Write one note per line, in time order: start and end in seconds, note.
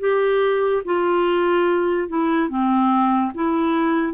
0.00 0.83 G4
0.85 2.09 F4
2.09 2.49 E4
2.49 3.33 C4
3.34 4.14 E4